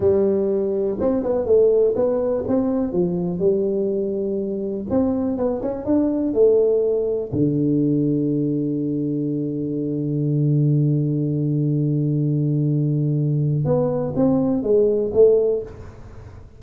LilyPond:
\new Staff \with { instrumentName = "tuba" } { \time 4/4 \tempo 4 = 123 g2 c'8 b8 a4 | b4 c'4 f4 g4~ | g2 c'4 b8 cis'8 | d'4 a2 d4~ |
d1~ | d1~ | d1 | b4 c'4 gis4 a4 | }